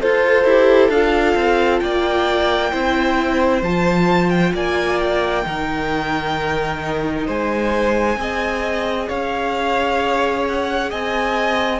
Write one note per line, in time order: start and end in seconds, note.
0.00 0.45 F4
0.00 0.45 A4
0.00 1.83 A4
0.00 0.90 C5
0.45 0.90 E4
0.45 0.92 G4
0.90 1.35 D4
0.90 2.72 F4
0.90 1.80 F5
1.36 1.81 C4
1.80 2.73 A#3
1.80 2.72 D5
1.80 3.62 G5
2.72 3.62 C4
2.72 3.63 E4
2.72 4.53 C5
3.62 4.53 F3
3.62 5.44 F4
3.62 4.30 A5
4.30 4.53 G5
4.54 5.45 A#3
4.54 5.45 D5
4.54 5.00 G#5
5.00 7.27 G5
5.44 7.27 D#3
5.44 8.16 D#4
5.44 7.27 A#4
7.27 8.17 G#3
7.27 8.18 C5
7.27 9.09 G#5
8.17 9.08 C4
8.17 11.80 G#4
8.17 9.09 D#5
9.09 10.92 C#4
9.09 10.91 C#5
9.09 10.46 F5
10.49 10.92 F#5
10.91 11.80 C4
10.91 11.80 D#5
10.91 11.80 G#5